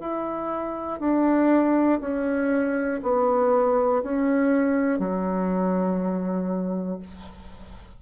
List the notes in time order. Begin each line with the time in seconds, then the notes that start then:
0.00 E4
1.00 D4
2.01 C#4
3.03 B3
4.03 C#4
5.00 F#3